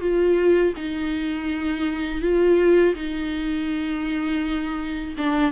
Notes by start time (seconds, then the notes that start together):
0.00 F4
0.76 D#4
2.21 F4
2.95 D#4
5.18 D4